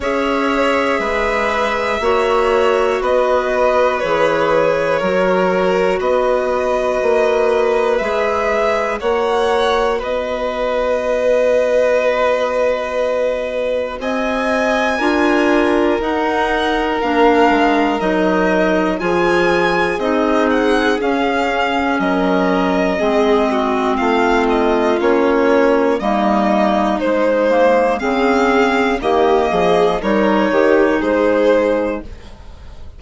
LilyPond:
<<
  \new Staff \with { instrumentName = "violin" } { \time 4/4 \tempo 4 = 60 e''2. dis''4 | cis''2 dis''2 | e''4 fis''4 dis''2~ | dis''2 gis''2 |
fis''4 f''4 dis''4 gis''4 | dis''8 fis''8 f''4 dis''2 | f''8 dis''8 cis''4 dis''4 c''4 | f''4 dis''4 cis''4 c''4 | }
  \new Staff \with { instrumentName = "violin" } { \time 4/4 cis''4 b'4 cis''4 b'4~ | b'4 ais'4 b'2~ | b'4 cis''4 b'2~ | b'2 dis''4 ais'4~ |
ais'2. gis'4~ | gis'2 ais'4 gis'8 fis'8 | f'2 dis'2 | gis'4 g'8 gis'8 ais'8 g'8 gis'4 | }
  \new Staff \with { instrumentName = "clarinet" } { \time 4/4 gis'2 fis'2 | gis'4 fis'2. | gis'4 fis'2.~ | fis'2. f'4 |
dis'4 d'4 dis'4 f'4 | dis'4 cis'2 c'4~ | c'4 cis'4 ais4 gis8 ais8 | c'4 ais4 dis'2 | }
  \new Staff \with { instrumentName = "bassoon" } { \time 4/4 cis'4 gis4 ais4 b4 | e4 fis4 b4 ais4 | gis4 ais4 b2~ | b2 c'4 d'4 |
dis'4 ais8 gis8 fis4 f4 | c'4 cis'4 fis4 gis4 | a4 ais4 g4 gis4 | cis4 dis8 f8 g8 dis8 gis4 | }
>>